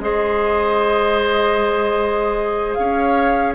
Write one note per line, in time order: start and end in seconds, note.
0.00 2.76 G#3
0.00 3.56 G#4
0.00 2.79 C5
0.00 2.74 D#5
2.74 3.56 C#4
2.74 3.56 C#5
2.74 3.53 F5